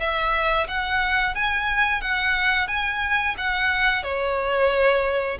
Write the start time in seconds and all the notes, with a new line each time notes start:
0.00 E5
0.68 F#5
1.35 G#5
2.02 F#5
2.68 G#5
3.38 F#5
4.04 C#5